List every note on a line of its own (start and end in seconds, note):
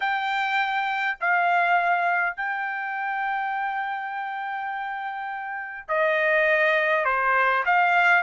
0.00 1.18 G5
1.20 2.36 F5
2.36 5.88 G5
5.88 7.04 D#5
7.04 7.63 C5
7.65 8.22 F5